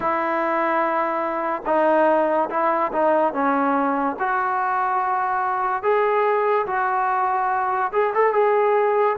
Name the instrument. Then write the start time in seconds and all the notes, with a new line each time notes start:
trombone
0.00 E4
1.66 D#4
2.50 E4
2.92 D#4
3.33 C#4
4.19 F#4
5.82 G#4
6.66 F#4
7.92 G#4
8.14 A4
8.33 G#4